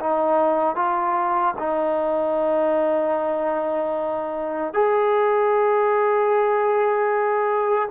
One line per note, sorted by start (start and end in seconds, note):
0.00 0.76 D#4
0.76 1.55 F4
1.59 4.73 D#4
4.73 7.89 G#4